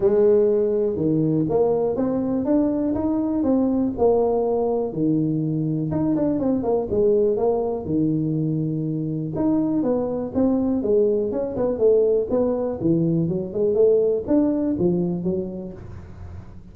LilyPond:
\new Staff \with { instrumentName = "tuba" } { \time 4/4 \tempo 4 = 122 gis2 dis4 ais4 | c'4 d'4 dis'4 c'4 | ais2 dis2 | dis'8 d'8 c'8 ais8 gis4 ais4 |
dis2. dis'4 | b4 c'4 gis4 cis'8 b8 | a4 b4 e4 fis8 gis8 | a4 d'4 f4 fis4 | }